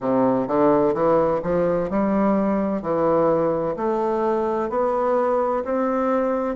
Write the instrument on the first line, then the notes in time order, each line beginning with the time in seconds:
bassoon
0.00 C3
0.47 D3
0.94 E3
1.43 F3
1.90 G3
2.81 E3
3.76 A3
4.69 B3
5.64 C4